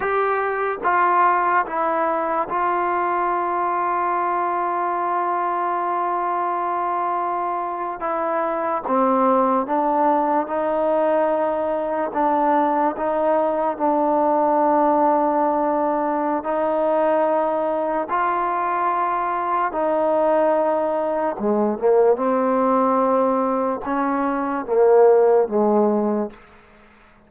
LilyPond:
\new Staff \with { instrumentName = "trombone" } { \time 4/4 \tempo 4 = 73 g'4 f'4 e'4 f'4~ | f'1~ | f'4.~ f'16 e'4 c'4 d'16~ | d'8. dis'2 d'4 dis'16~ |
dis'8. d'2.~ d'16 | dis'2 f'2 | dis'2 gis8 ais8 c'4~ | c'4 cis'4 ais4 gis4 | }